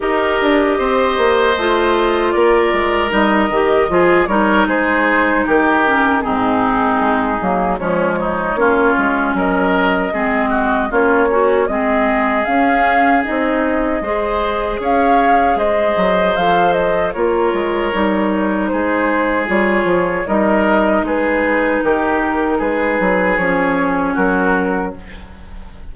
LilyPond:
<<
  \new Staff \with { instrumentName = "flute" } { \time 4/4 \tempo 4 = 77 dis''2. d''4 | dis''4. cis''8 c''4 ais'4 | gis'2 cis''2 | dis''2 cis''4 dis''4 |
f''4 dis''2 f''4 | dis''4 f''8 dis''8 cis''2 | c''4 cis''4 dis''4 b'4 | ais'4 b'4 cis''4 ais'4 | }
  \new Staff \with { instrumentName = "oboe" } { \time 4/4 ais'4 c''2 ais'4~ | ais'4 gis'8 ais'8 gis'4 g'4 | dis'2 cis'8 dis'8 f'4 | ais'4 gis'8 fis'8 f'8 cis'8 gis'4~ |
gis'2 c''4 cis''4 | c''2 ais'2 | gis'2 ais'4 gis'4 | g'4 gis'2 fis'4 | }
  \new Staff \with { instrumentName = "clarinet" } { \time 4/4 g'2 f'2 | dis'8 g'8 f'8 dis'2 cis'8 | c'4. ais8 gis4 cis'4~ | cis'4 c'4 cis'8 fis'8 c'4 |
cis'4 dis'4 gis'2~ | gis'4 a'4 f'4 dis'4~ | dis'4 f'4 dis'2~ | dis'2 cis'2 | }
  \new Staff \with { instrumentName = "bassoon" } { \time 4/4 dis'8 d'8 c'8 ais8 a4 ais8 gis8 | g8 dis8 f8 g8 gis4 dis4 | gis,4 gis8 fis8 f4 ais8 gis8 | fis4 gis4 ais4 gis4 |
cis'4 c'4 gis4 cis'4 | gis8 fis8 f4 ais8 gis8 g4 | gis4 g8 f8 g4 gis4 | dis4 gis8 fis8 f4 fis4 | }
>>